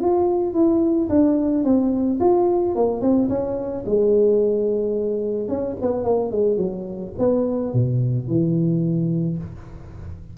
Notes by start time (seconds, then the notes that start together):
0.00 F4
0.53 E4
1.10 D4
1.64 C4
2.20 F4
2.75 A#3
3.01 C4
3.29 C#4
3.86 G#3
5.48 C#4
5.81 B3
6.04 A#3
6.32 G#3
6.57 F#3
7.19 B3
7.73 B2
8.28 E3